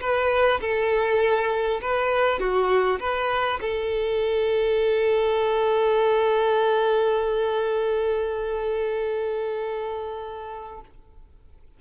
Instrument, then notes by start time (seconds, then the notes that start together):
violin
0.00 B4
0.60 A4
1.81 B4
2.39 F#4
3.00 B4
3.61 A4